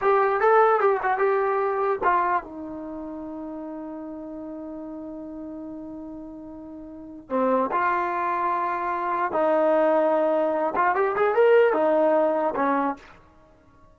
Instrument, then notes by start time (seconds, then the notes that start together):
trombone
0.01 G4
0.40 A4
0.80 G4
1.02 F#4
1.18 G4
2.03 F4
2.43 D#4
7.29 C4
7.71 F4
9.32 D#4
10.75 F4
10.95 G4
11.16 G#4
11.34 A#4
11.73 D#4
12.55 C#4